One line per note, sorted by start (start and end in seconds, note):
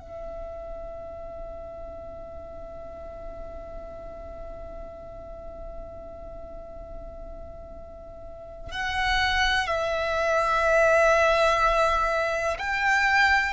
0.00 8.71 E5
8.71 9.67 F#5
9.67 12.57 E5
12.58 13.53 G5